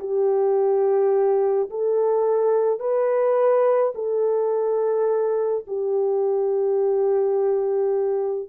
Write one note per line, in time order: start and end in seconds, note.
0.00 1.70 G4
1.70 2.80 A4
2.80 3.93 B4
3.95 5.65 A4
5.68 8.49 G4